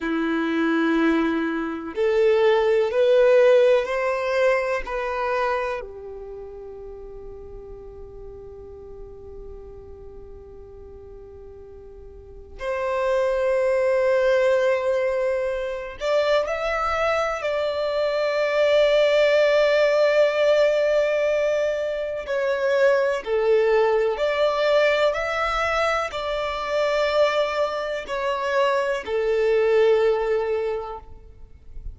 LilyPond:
\new Staff \with { instrumentName = "violin" } { \time 4/4 \tempo 4 = 62 e'2 a'4 b'4 | c''4 b'4 g'2~ | g'1~ | g'4 c''2.~ |
c''8 d''8 e''4 d''2~ | d''2. cis''4 | a'4 d''4 e''4 d''4~ | d''4 cis''4 a'2 | }